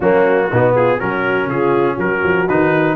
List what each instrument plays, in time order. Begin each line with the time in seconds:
0.00 tuba F#3, trombone A#3, horn C#4, trumpet F#4
0.50 tuba B2, trombone B3, horn D#4
0.75 horn F4, trumpet G#4
0.99 tuba F#3, trombone C#4, horn F#4, trumpet A#4
1.46 tuba C#3, horn F4, trumpet G#4
1.96 tuba F#3, horn F#4, trumpet A#4
2.23 tuba F3
2.48 tuba D#3, trombone D#4, trumpet B4